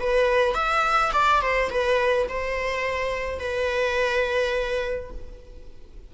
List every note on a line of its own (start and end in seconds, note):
0.00 0.55 B4
0.55 1.12 E5
1.13 1.42 D5
1.42 1.70 C5
1.70 2.27 B4
2.29 3.39 C5
3.39 5.11 B4